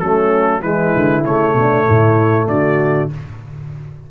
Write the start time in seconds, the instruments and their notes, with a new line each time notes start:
0.00 tuba F#3, trombone A3, horn C#4, trumpet A4
0.62 tuba E3, trombone G#3, horn E4, trumpet B4
0.97 tuba D3
1.25 tuba C#3, trombone A3, trumpet C#5
1.54 tuba B2, horn D4
1.85 tuba A2, horn E4
2.47 tuba D3, horn F#4, trumpet D5